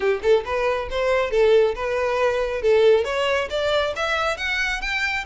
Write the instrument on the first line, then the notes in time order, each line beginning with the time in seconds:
violin
0.00 G4
0.22 A4
0.45 B4
0.90 C5
1.30 A4
1.75 B4
2.61 A4
3.04 C#5
3.50 D5
3.96 E5
4.37 F#5
4.81 G5